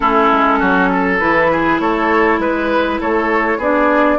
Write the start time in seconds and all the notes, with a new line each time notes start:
0.00 A3 C#4 E4 A4
0.31 G#3
0.59 F#3 F#4
0.92 A4
1.19 E3 E4 B4
1.51 G#4
1.79 A3 A4 C#5
2.38 G#3 B4
3.00 A3 A4 C#5
3.57 B3 D4 G#4 D5